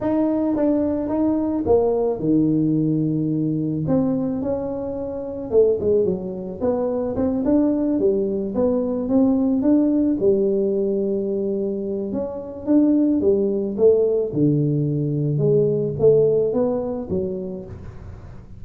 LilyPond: \new Staff \with { instrumentName = "tuba" } { \time 4/4 \tempo 4 = 109 dis'4 d'4 dis'4 ais4 | dis2. c'4 | cis'2 a8 gis8 fis4 | b4 c'8 d'4 g4 b8~ |
b8 c'4 d'4 g4.~ | g2 cis'4 d'4 | g4 a4 d2 | gis4 a4 b4 fis4 | }